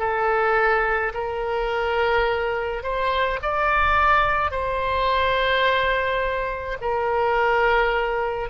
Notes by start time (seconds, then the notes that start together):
0.00 A4
1.14 A#4
2.84 C5
3.43 D5
4.51 C5
6.81 A#4